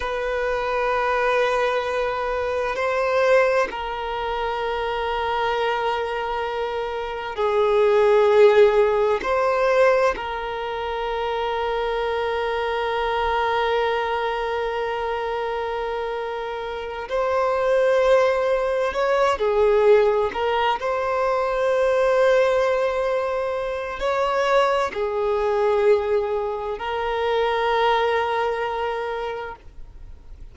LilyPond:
\new Staff \with { instrumentName = "violin" } { \time 4/4 \tempo 4 = 65 b'2. c''4 | ais'1 | gis'2 c''4 ais'4~ | ais'1~ |
ais'2~ ais'8 c''4.~ | c''8 cis''8 gis'4 ais'8 c''4.~ | c''2 cis''4 gis'4~ | gis'4 ais'2. | }